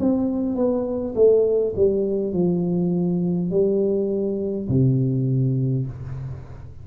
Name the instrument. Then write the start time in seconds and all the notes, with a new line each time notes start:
tuba
0.00 C4
0.56 B3
1.16 A3
1.76 G3
2.34 F3
3.51 G3
4.69 C3